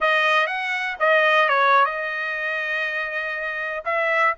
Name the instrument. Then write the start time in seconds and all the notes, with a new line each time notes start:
trumpet
0.00 D#5
0.46 F#5
0.99 D#5
1.48 C#5
1.85 D#5
3.84 E5